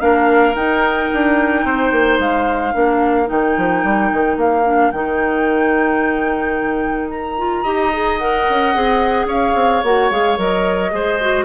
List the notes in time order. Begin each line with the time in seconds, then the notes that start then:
0.00 A#3 D4 A#4 F5
0.55 D#4 G5
1.14 D4
1.64 C4 C5
1.92 A#3
2.19 G#3 F5
2.73 A#3 D4 A#4
3.26 D#3 D#4 G5
3.57 F3
3.84 G3
4.12 D#3
4.37 A#3 F5
4.65 D4
4.91 D#3 D#4 G5
7.11 A#5
7.38 F4
7.63 D#4 G4 D#5
7.93 G#4
8.18 A#4 F#5
8.50 C#4
8.75 C4 G#4
9.26 C#4 C#5 F5
9.55 C4
9.84 A#3 F#4 F#5
10.11 G#3 G#4 F5
10.38 F#3 A#4 D#5
10.91 G#3 G#4 C5
11.21 F#4